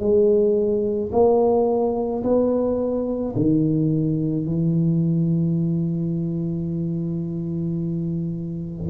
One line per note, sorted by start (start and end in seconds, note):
0.00 1.11 G#3
1.12 2.23 A#3
2.24 3.35 B3
3.36 4.46 D#3
4.46 8.90 E3